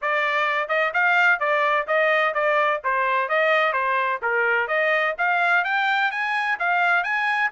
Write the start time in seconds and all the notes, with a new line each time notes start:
0.01 D5
0.68 D#5
0.93 F5
1.39 D5
1.87 D#5
2.34 D5
2.84 C5
3.29 D#5
3.72 C5
4.22 A#4
4.67 D#5
5.18 F5
5.64 G5
6.11 G#5
6.59 F5
7.03 G#5